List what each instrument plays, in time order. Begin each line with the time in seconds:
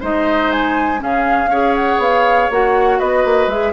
0.00 bassoon G#3, clarinet D#4, oboe C5, flute D#5
0.51 flute G#5
0.98 bassoon C#3, clarinet C#4, oboe G#4, flute F5
1.46 bassoon C#4, clarinet G#4, oboe C#5
1.75 flute F#5
1.98 bassoon B3, flute F5
2.50 bassoon A#3, clarinet F#4, flute F#5
2.98 bassoon B3, oboe B4, flute D#5
3.25 bassoon A#3
3.47 bassoon G#3, clarinet G#4, flute E5